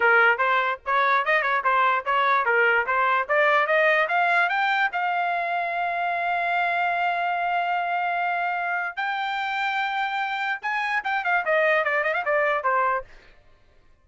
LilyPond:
\new Staff \with { instrumentName = "trumpet" } { \time 4/4 \tempo 4 = 147 ais'4 c''4 cis''4 dis''8 cis''8 | c''4 cis''4 ais'4 c''4 | d''4 dis''4 f''4 g''4 | f''1~ |
f''1~ | f''2 g''2~ | g''2 gis''4 g''8 f''8 | dis''4 d''8 dis''16 f''16 d''4 c''4 | }